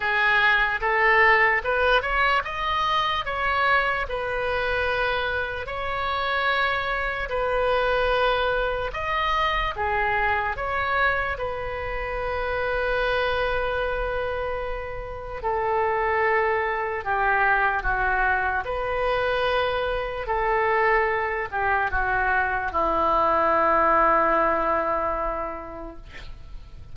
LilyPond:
\new Staff \with { instrumentName = "oboe" } { \time 4/4 \tempo 4 = 74 gis'4 a'4 b'8 cis''8 dis''4 | cis''4 b'2 cis''4~ | cis''4 b'2 dis''4 | gis'4 cis''4 b'2~ |
b'2. a'4~ | a'4 g'4 fis'4 b'4~ | b'4 a'4. g'8 fis'4 | e'1 | }